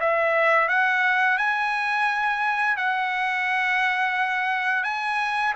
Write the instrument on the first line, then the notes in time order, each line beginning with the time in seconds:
trumpet
0.00 E5
0.68 F#5
1.38 G#5
2.77 F#5
4.84 G#5